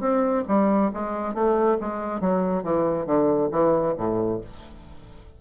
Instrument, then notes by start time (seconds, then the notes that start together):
bassoon
0.00 C4
0.47 G3
0.93 G#3
1.34 A3
1.80 G#3
2.20 F#3
2.63 E3
3.06 D3
3.51 E3
3.97 A2